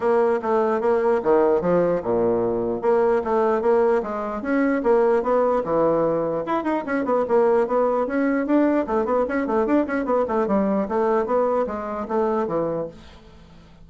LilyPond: \new Staff \with { instrumentName = "bassoon" } { \time 4/4 \tempo 4 = 149 ais4 a4 ais4 dis4 | f4 ais,2 ais4 | a4 ais4 gis4 cis'4 | ais4 b4 e2 |
e'8 dis'8 cis'8 b8 ais4 b4 | cis'4 d'4 a8 b8 cis'8 a8 | d'8 cis'8 b8 a8 g4 a4 | b4 gis4 a4 e4 | }